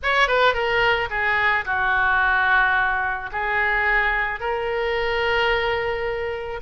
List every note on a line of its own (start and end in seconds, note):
0.02 0.27 C#5
0.27 0.54 B4
0.54 1.09 A#4
1.10 1.65 G#4
1.65 3.30 F#4
3.32 4.40 G#4
4.40 6.60 A#4